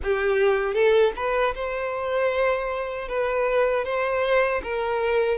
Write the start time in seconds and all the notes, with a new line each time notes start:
0.03 G4
0.73 A4
1.15 B4
1.55 C5
3.08 B4
3.84 C5
4.63 A#4